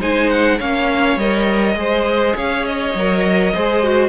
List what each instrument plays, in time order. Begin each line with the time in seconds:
0.00 cello G#3, viola D#4, violin C5 G#5
0.30 violin F#5
0.58 cello A#3, viola C#4, violin C#5 F5
1.17 cello G3, viola A#4, violin D#5
1.75 cello G#3, viola G#4, violin C5
2.36 cello C#4, violin C#5 F5
2.66 violin D#5
2.95 cello F#3, viola A#4
3.55 cello G#3, viola G#4, violin C5
3.84 viola F#4